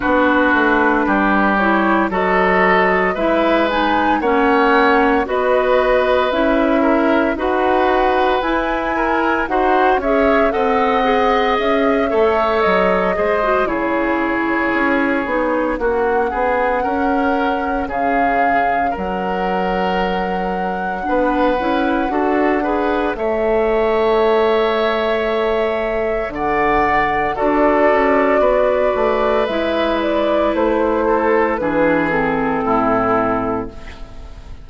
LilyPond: <<
  \new Staff \with { instrumentName = "flute" } { \time 4/4 \tempo 4 = 57 b'4. cis''8 dis''4 e''8 gis''8 | fis''4 dis''4 e''4 fis''4 | gis''4 fis''8 e''8 fis''4 e''4 | dis''4 cis''2 fis''4~ |
fis''4 f''4 fis''2~ | fis''2 e''2~ | e''4 fis''4 d''2 | e''8 d''8 c''4 b'8 a'4. | }
  \new Staff \with { instrumentName = "oboe" } { \time 4/4 fis'4 g'4 a'4 b'4 | cis''4 b'4. ais'8 b'4~ | b'8 ais'8 c''8 cis''8 dis''4. cis''8~ | cis''8 c''8 gis'2 fis'8 gis'8 |
ais'4 gis'4 ais'2 | b'4 a'8 b'8 cis''2~ | cis''4 d''4 a'4 b'4~ | b'4. a'8 gis'4 e'4 | }
  \new Staff \with { instrumentName = "clarinet" } { \time 4/4 d'4. e'8 fis'4 e'8 dis'8 | cis'4 fis'4 e'4 fis'4 | e'4 fis'8 gis'8 a'8 gis'4 a'8~ | a'8 gis'16 fis'16 e'4. dis'8 cis'4~ |
cis'1 | d'8 e'8 fis'8 gis'8 a'2~ | a'2 fis'2 | e'2 d'8 c'4. | }
  \new Staff \with { instrumentName = "bassoon" } { \time 4/4 b8 a8 g4 fis4 gis4 | ais4 b4 cis'4 dis'4 | e'4 dis'8 cis'8 c'4 cis'8 a8 | fis8 gis8 cis4 cis'8 b8 ais8 b8 |
cis'4 cis4 fis2 | b8 cis'8 d'4 a2~ | a4 d4 d'8 cis'8 b8 a8 | gis4 a4 e4 a,4 | }
>>